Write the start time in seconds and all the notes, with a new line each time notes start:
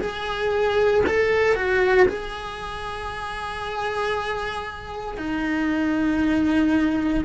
0.00 G#4
1.06 A4
1.55 F#4
2.07 G#4
5.17 D#4